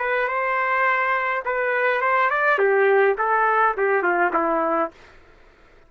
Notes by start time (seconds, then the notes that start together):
0.00 B4
0.28 C5
1.45 B4
2.02 C5
2.30 D5
2.59 G4
3.19 A4
3.77 G4
4.03 F4
4.34 E4